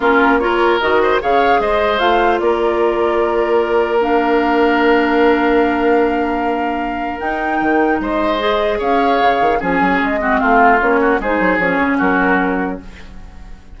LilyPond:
<<
  \new Staff \with { instrumentName = "flute" } { \time 4/4 \tempo 4 = 150 ais'4 cis''4 dis''4 f''4 | dis''4 f''4 d''2~ | d''2 f''2~ | f''1~ |
f''2 g''2 | dis''2 f''2 | gis''4 dis''4 f''4 cis''4 | c''4 cis''4 ais'2 | }
  \new Staff \with { instrumentName = "oboe" } { \time 4/4 f'4 ais'4. c''8 cis''4 | c''2 ais'2~ | ais'1~ | ais'1~ |
ais'1 | c''2 cis''2 | gis'4. fis'8 f'4. fis'8 | gis'2 fis'2 | }
  \new Staff \with { instrumentName = "clarinet" } { \time 4/4 cis'4 f'4 fis'4 gis'4~ | gis'4 f'2.~ | f'2 d'2~ | d'1~ |
d'2 dis'2~ | dis'4 gis'2. | cis'4. c'4. cis'4 | dis'4 cis'2. | }
  \new Staff \with { instrumentName = "bassoon" } { \time 4/4 ais2 dis4 cis4 | gis4 a4 ais2~ | ais1~ | ais1~ |
ais2 dis'4 dis4 | gis2 cis'4 cis8 dis8 | f8 fis8 gis4 a4 ais4 | gis8 fis8 f8 cis8 fis2 | }
>>